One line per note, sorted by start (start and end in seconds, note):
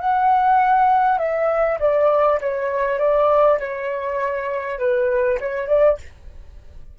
0.00 1.19 F#5
1.19 1.79 E5
1.80 2.40 D5
2.41 2.99 C#5
2.99 3.59 D5
3.60 4.79 C#5
4.79 5.39 B4
5.41 5.68 C#5
5.68 5.98 D5